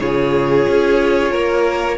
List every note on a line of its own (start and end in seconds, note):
0.00 0.67 C#3
0.00 1.98 F4
0.00 1.32 G#4
0.00 1.98 C#5
0.69 1.34 C#4
1.32 1.98 A#3
1.32 1.98 A#4